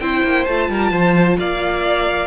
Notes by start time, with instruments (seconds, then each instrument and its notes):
0.00 cello C4, viola E4, violin C5 G5
0.24 cello A#3
0.45 cello A3, viola F4, violin A5
0.69 cello G3, violin A#4
0.91 cello F3, violin C5
1.40 cello A#3, violin D5 F5